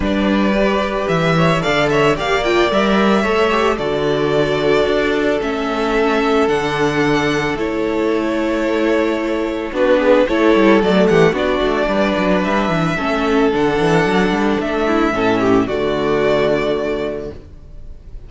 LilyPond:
<<
  \new Staff \with { instrumentName = "violin" } { \time 4/4 \tempo 4 = 111 d''2 e''4 f''8 e''8 | f''8 g''8 e''2 d''4~ | d''2 e''2 | fis''2 cis''2~ |
cis''2 b'4 cis''4 | d''8 fis''8 d''2 e''4~ | e''4 fis''2 e''4~ | e''4 d''2. | }
  \new Staff \with { instrumentName = "violin" } { \time 4/4 b'2~ b'8 cis''8 d''8 cis''8 | d''2 cis''4 a'4~ | a'1~ | a'1~ |
a'2 fis'8 gis'8 a'4~ | a'8 g'8 fis'4 b'2 | a'2.~ a'8 e'8 | a'8 g'8 fis'2. | }
  \new Staff \with { instrumentName = "viola" } { \time 4/4 d'4 g'2 a'4 | g'8 f'8 ais'4 a'8 g'8 fis'4~ | fis'2 cis'2 | d'2 e'2~ |
e'2 d'4 e'4 | a4 d'2. | cis'4 d'2. | cis'4 a2. | }
  \new Staff \with { instrumentName = "cello" } { \time 4/4 g2 e4 d4 | ais4 g4 a4 d4~ | d4 d'4 a2 | d2 a2~ |
a2 b4 a8 g8 | fis8 e8 b8 a8 g8 fis8 g8 e8 | a4 d8 e8 fis8 g8 a4 | a,4 d2. | }
>>